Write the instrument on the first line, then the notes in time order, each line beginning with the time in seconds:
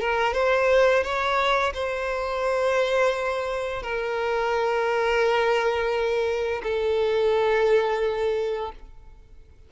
violin
0.00 A#4
0.33 C5
1.03 C#5
1.74 C5
3.82 A#4
6.63 A4